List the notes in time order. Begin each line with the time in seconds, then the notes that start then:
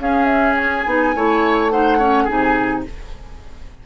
0.00 C#4 G#4 F5
0.26 E5
0.57 G#5
0.86 B3 D#4
1.15 A3 E4 C#5
1.71 D#4 C5 F#5
1.99 C#4 C#5
2.24 C3 D#4 G#4 G#5